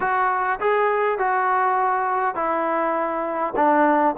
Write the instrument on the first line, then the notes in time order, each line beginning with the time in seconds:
trombone
0.00 F#4
0.60 G#4
1.18 F#4
2.35 E4
3.56 D4